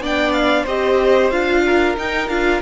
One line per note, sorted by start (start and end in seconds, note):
0.00 0.65 B3
0.00 0.68 D4
0.00 0.64 D5
0.00 0.33 G5
0.33 0.65 F5
0.64 1.32 C4
0.64 1.32 G4
0.64 1.62 C5
0.64 1.31 D#5
1.31 1.97 D4
1.31 1.97 F4
1.31 1.96 F5
1.66 2.62 A#4
1.97 2.30 D#4
1.97 2.29 D#4
1.97 2.29 G5
2.29 2.61 D4
2.29 2.62 F4
2.29 2.62 F5